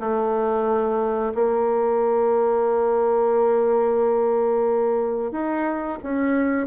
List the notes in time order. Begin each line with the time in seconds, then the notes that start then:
0.00 A3
1.35 A#3
5.32 D#4
6.03 C#4